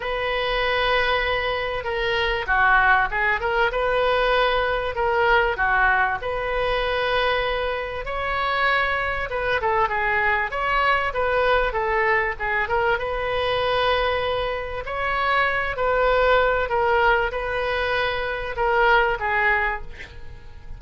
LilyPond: \new Staff \with { instrumentName = "oboe" } { \time 4/4 \tempo 4 = 97 b'2. ais'4 | fis'4 gis'8 ais'8 b'2 | ais'4 fis'4 b'2~ | b'4 cis''2 b'8 a'8 |
gis'4 cis''4 b'4 a'4 | gis'8 ais'8 b'2. | cis''4. b'4. ais'4 | b'2 ais'4 gis'4 | }